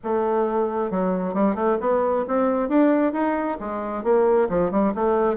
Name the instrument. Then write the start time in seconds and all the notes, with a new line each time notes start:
bassoon
0.03 A3
0.91 F#3
1.34 G3
1.55 A3
1.80 B3
2.27 C4
2.68 D4
3.12 D#4
3.60 G#3
4.03 A#3
4.49 F3
4.71 G3
4.94 A3